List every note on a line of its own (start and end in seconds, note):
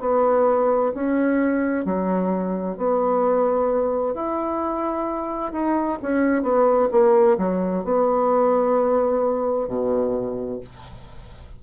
0.00 0.92 B3
0.94 1.85 C#4
1.85 2.77 F#3
2.77 4.14 B3
4.14 5.52 E4
5.52 5.98 D#4
6.02 6.42 C#4
6.42 6.89 B3
6.91 7.38 A#3
7.38 7.84 F#3
7.84 9.68 B3
9.68 10.60 B2